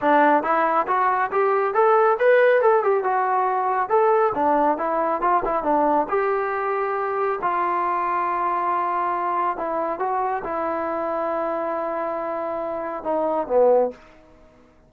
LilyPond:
\new Staff \with { instrumentName = "trombone" } { \time 4/4 \tempo 4 = 138 d'4 e'4 fis'4 g'4 | a'4 b'4 a'8 g'8 fis'4~ | fis'4 a'4 d'4 e'4 | f'8 e'8 d'4 g'2~ |
g'4 f'2.~ | f'2 e'4 fis'4 | e'1~ | e'2 dis'4 b4 | }